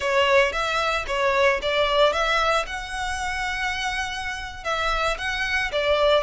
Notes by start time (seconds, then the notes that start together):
0.00 C#5
0.52 E5
1.07 C#5
1.62 D5
2.12 E5
2.66 F#5
4.64 E5
5.18 F#5
5.72 D5